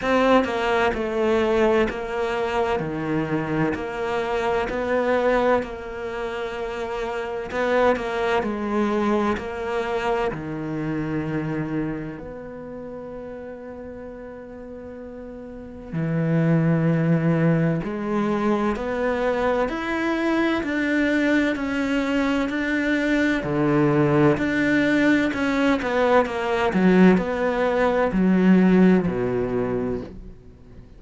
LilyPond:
\new Staff \with { instrumentName = "cello" } { \time 4/4 \tempo 4 = 64 c'8 ais8 a4 ais4 dis4 | ais4 b4 ais2 | b8 ais8 gis4 ais4 dis4~ | dis4 b2.~ |
b4 e2 gis4 | b4 e'4 d'4 cis'4 | d'4 d4 d'4 cis'8 b8 | ais8 fis8 b4 fis4 b,4 | }